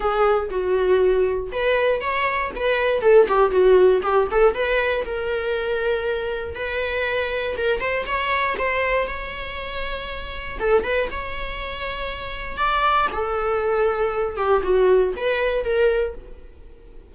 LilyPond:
\new Staff \with { instrumentName = "viola" } { \time 4/4 \tempo 4 = 119 gis'4 fis'2 b'4 | cis''4 b'4 a'8 g'8 fis'4 | g'8 a'8 b'4 ais'2~ | ais'4 b'2 ais'8 c''8 |
cis''4 c''4 cis''2~ | cis''4 a'8 b'8 cis''2~ | cis''4 d''4 a'2~ | a'8 g'8 fis'4 b'4 ais'4 | }